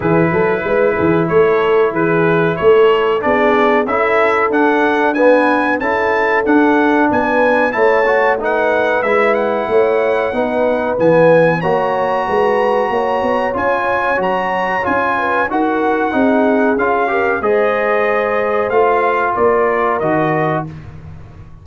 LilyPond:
<<
  \new Staff \with { instrumentName = "trumpet" } { \time 4/4 \tempo 4 = 93 b'2 cis''4 b'4 | cis''4 d''4 e''4 fis''4 | gis''4 a''4 fis''4 gis''4 | a''4 fis''4 e''8 fis''4.~ |
fis''4 gis''4 ais''2~ | ais''4 gis''4 ais''4 gis''4 | fis''2 f''4 dis''4~ | dis''4 f''4 d''4 dis''4 | }
  \new Staff \with { instrumentName = "horn" } { \time 4/4 gis'8 a'8 b'8 gis'8 a'4 gis'4 | a'4 gis'4 a'2 | b'4 a'2 b'4 | cis''4 b'2 cis''4 |
b'2 cis''4 b'4 | cis''2.~ cis''8 b'8 | ais'4 gis'4. ais'8 c''4~ | c''2 ais'2 | }
  \new Staff \with { instrumentName = "trombone" } { \time 4/4 e'1~ | e'4 d'4 e'4 d'4 | b4 e'4 d'2 | e'8 fis'8 dis'4 e'2 |
dis'4 b4 fis'2~ | fis'4 f'4 fis'4 f'4 | fis'4 dis'4 f'8 g'8 gis'4~ | gis'4 f'2 fis'4 | }
  \new Staff \with { instrumentName = "tuba" } { \time 4/4 e8 fis8 gis8 e8 a4 e4 | a4 b4 cis'4 d'4~ | d'4 cis'4 d'4 b4 | a2 gis4 a4 |
b4 e4 ais4 gis4 | ais8 b8 cis'4 fis4 cis'4 | dis'4 c'4 cis'4 gis4~ | gis4 a4 ais4 dis4 | }
>>